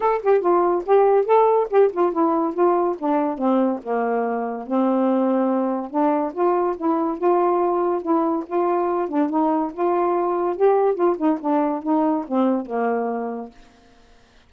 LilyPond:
\new Staff \with { instrumentName = "saxophone" } { \time 4/4 \tempo 4 = 142 a'8 g'8 f'4 g'4 a'4 | g'8 f'8 e'4 f'4 d'4 | c'4 ais2 c'4~ | c'2 d'4 f'4 |
e'4 f'2 e'4 | f'4. d'8 dis'4 f'4~ | f'4 g'4 f'8 dis'8 d'4 | dis'4 c'4 ais2 | }